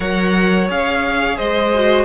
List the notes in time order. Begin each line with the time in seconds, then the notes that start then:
0.00 F#3 A#4 C#5 F#5
0.68 C#4 G#4 F5
1.37 G#3 C5 D#5
1.74 F#4